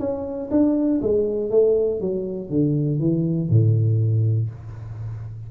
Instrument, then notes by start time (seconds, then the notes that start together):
tuba
0.00 C#4
0.51 D4
1.02 G#3
1.51 A3
2.01 F#3
2.50 D3
3.00 E3
3.50 A2